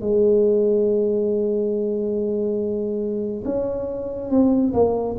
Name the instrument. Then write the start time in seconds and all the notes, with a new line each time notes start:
tuba
0.00 G#3
3.44 C#4
4.30 C4
4.73 A#3